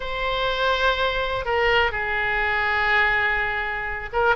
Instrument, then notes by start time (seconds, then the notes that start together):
oboe
0.00 C5
1.45 A#4
1.91 G#4
4.13 A#4